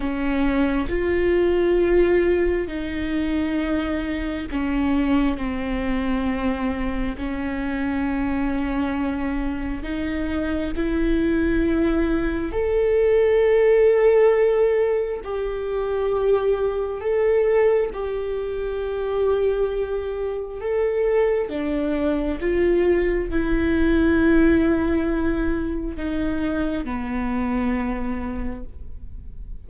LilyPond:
\new Staff \with { instrumentName = "viola" } { \time 4/4 \tempo 4 = 67 cis'4 f'2 dis'4~ | dis'4 cis'4 c'2 | cis'2. dis'4 | e'2 a'2~ |
a'4 g'2 a'4 | g'2. a'4 | d'4 f'4 e'2~ | e'4 dis'4 b2 | }